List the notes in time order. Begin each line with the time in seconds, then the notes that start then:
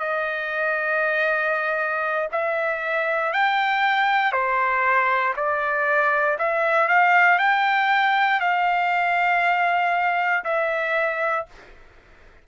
0.00 D#5
2.32 E5
3.33 G5
4.32 C5
5.36 D5
6.39 E5
6.88 F5
7.39 G5
8.41 F5
10.45 E5